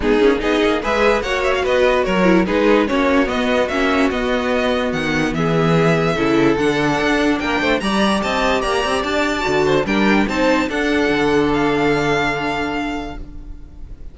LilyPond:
<<
  \new Staff \with { instrumentName = "violin" } { \time 4/4 \tempo 4 = 146 gis'4 dis''4 e''4 fis''8 e''16 f''16 | dis''4 cis''4 b'4 cis''4 | dis''4 e''4 dis''2 | fis''4 e''2. |
fis''2 g''4 ais''4 | a''4 ais''4 a''2 | g''4 a''4 fis''2 | f''1 | }
  \new Staff \with { instrumentName = "violin" } { \time 4/4 dis'4 gis'4 b'4 cis''4 | b'4 ais'4 gis'4 fis'4~ | fis'1~ | fis'4 gis'2 a'4~ |
a'2 ais'8 c''8 d''4 | dis''4 d''2~ d''8 c''8 | ais'4 c''4 a'2~ | a'1 | }
  \new Staff \with { instrumentName = "viola" } { \time 4/4 b8 cis'8 dis'4 gis'4 fis'4~ | fis'4. e'8 dis'4 cis'4 | b4 cis'4 b2~ | b2. e'4 |
d'2. g'4~ | g'2. fis'4 | d'4 dis'4 d'2~ | d'1 | }
  \new Staff \with { instrumentName = "cello" } { \time 4/4 gis8 ais8 b8 ais8 gis4 ais4 | b4 fis4 gis4 ais4 | b4 ais4 b2 | dis4 e2 cis4 |
d4 d'4 ais8 a8 g4 | c'4 ais8 c'8 d'4 d4 | g4 c'4 d'4 d4~ | d1 | }
>>